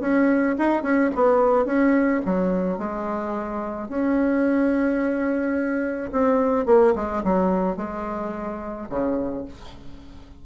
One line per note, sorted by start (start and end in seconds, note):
0.00 0.56 C#4
0.58 0.82 D#4
0.82 1.10 C#4
1.15 1.65 B3
1.65 2.21 C#4
2.25 2.78 F#3
2.78 3.88 G#3
3.88 6.11 C#4
6.12 6.66 C4
6.66 6.93 A#3
6.95 7.23 G#3
7.24 7.77 F#3
7.77 8.88 G#3
8.89 9.45 C#3